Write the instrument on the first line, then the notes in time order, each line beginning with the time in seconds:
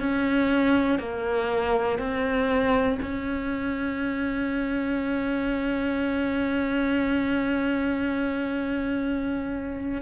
cello
0.00 C#4
0.99 A#3
1.99 C4
3.02 C#4